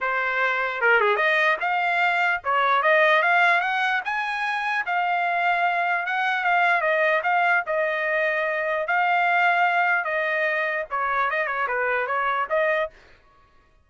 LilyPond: \new Staff \with { instrumentName = "trumpet" } { \time 4/4 \tempo 4 = 149 c''2 ais'8 gis'8 dis''4 | f''2 cis''4 dis''4 | f''4 fis''4 gis''2 | f''2. fis''4 |
f''4 dis''4 f''4 dis''4~ | dis''2 f''2~ | f''4 dis''2 cis''4 | dis''8 cis''8 b'4 cis''4 dis''4 | }